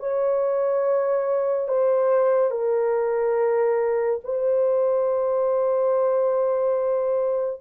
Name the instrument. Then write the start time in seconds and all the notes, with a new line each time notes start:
horn
0.00 C#5
1.69 C5
2.51 A#4
4.24 C5